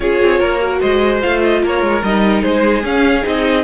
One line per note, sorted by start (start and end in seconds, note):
0.00 0.19 C#4
0.00 0.60 F4
0.00 0.39 G#4
0.00 0.79 C#5
0.23 0.40 C4
0.39 0.80 A#3
0.39 0.79 A#4
0.60 1.21 F#4
0.80 1.23 G#3
0.80 1.62 C5
0.80 1.20 D#5
1.21 1.62 A3
1.21 2.02 F4
1.21 1.42 F5
1.43 1.63 D#5
1.62 1.82 A#3
1.62 2.42 A#4
1.62 2.03 C#5
1.82 2.02 G#3
2.03 2.43 G3
2.03 2.83 D#4
2.03 2.42 D#5
2.42 2.83 G#3
2.42 3.64 G#4
2.42 2.83 C5
2.83 3.23 C#4
2.83 3.22 C#4
2.83 3.25 F5
3.22 3.64 C4
3.22 3.63 D#4
3.22 3.64 D#5